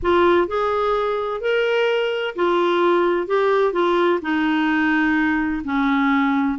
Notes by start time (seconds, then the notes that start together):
0.02 F4
0.47 G#4
1.41 A#4
2.35 F4
3.27 G4
3.72 F4
4.21 D#4
5.64 C#4